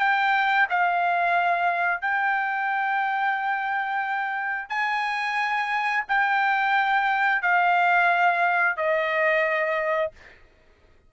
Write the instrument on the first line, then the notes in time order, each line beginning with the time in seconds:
trumpet
0.00 G5
0.70 F5
2.02 G5
4.70 G#5
6.09 G5
7.42 F5
8.77 D#5